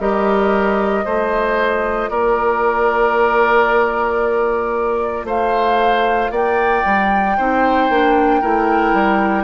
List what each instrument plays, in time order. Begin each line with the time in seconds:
0.00 bassoon G3, clarinet G4, oboe A#4, flute D#5
1.04 bassoon A3, clarinet F4, oboe C5
2.10 bassoon A#3, oboe A#4, flute D5
5.25 bassoon A3, oboe C5, flute F5
6.31 bassoon A#3, oboe D5, flute G5
6.86 bassoon G3
7.37 bassoon C4, clarinet D#4, oboe C5
7.90 bassoon A#3, clarinet D4
8.42 bassoon A3, clarinet E4, oboe A#4
8.94 bassoon G3